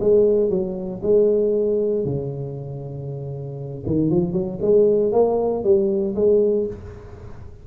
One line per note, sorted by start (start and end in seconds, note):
0.00 0.50 G#3
0.50 1.01 F#3
1.03 2.05 G#3
2.05 3.84 C#3
3.86 4.10 D#3
4.10 4.33 F3
4.33 4.59 F#3
4.61 5.12 G#3
5.12 5.64 A#3
5.64 6.15 G3
6.15 6.67 G#3